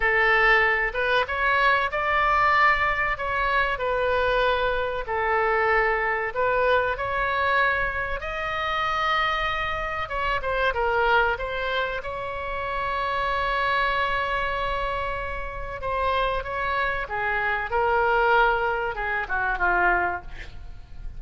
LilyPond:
\new Staff \with { instrumentName = "oboe" } { \time 4/4 \tempo 4 = 95 a'4. b'8 cis''4 d''4~ | d''4 cis''4 b'2 | a'2 b'4 cis''4~ | cis''4 dis''2. |
cis''8 c''8 ais'4 c''4 cis''4~ | cis''1~ | cis''4 c''4 cis''4 gis'4 | ais'2 gis'8 fis'8 f'4 | }